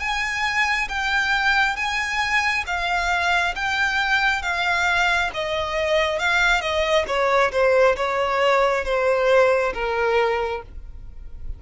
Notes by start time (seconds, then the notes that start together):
0.00 G#5
0.89 G5
1.76 G#5
2.67 F5
3.56 G5
4.42 F5
5.34 D#5
6.20 F5
6.61 D#5
7.08 C#5
7.52 C5
7.97 C#5
8.85 C5
9.74 A#4